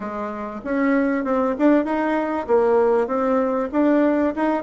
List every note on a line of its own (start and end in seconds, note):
0.00 0.60 G#3
0.64 1.24 C#4
1.24 1.55 C4
1.58 1.84 D4
1.84 2.46 D#4
2.47 3.07 A#3
3.07 3.69 C4
3.72 4.34 D4
4.35 4.63 D#4